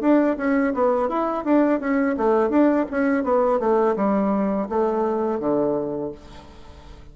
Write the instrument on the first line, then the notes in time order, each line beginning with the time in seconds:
bassoon
0.00 D4
0.37 C#4
0.74 B3
1.08 E4
1.44 D4
1.80 C#4
2.17 A3
2.49 D4
2.90 C#4
3.23 B3
3.59 A3
3.96 G3
4.69 A3
5.39 D3